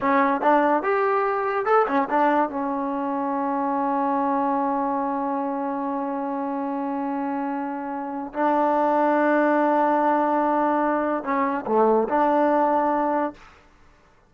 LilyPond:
\new Staff \with { instrumentName = "trombone" } { \time 4/4 \tempo 4 = 144 cis'4 d'4 g'2 | a'8 cis'8 d'4 cis'2~ | cis'1~ | cis'1~ |
cis'1 | d'1~ | d'2. cis'4 | a4 d'2. | }